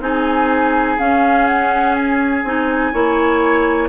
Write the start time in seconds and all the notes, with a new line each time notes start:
0.00 C4 D#4 G#4 G#5
0.99 C#4 F5
1.47 F#5
1.95 G#5
2.44 C4 D#4
2.93 A#3 E4 C#5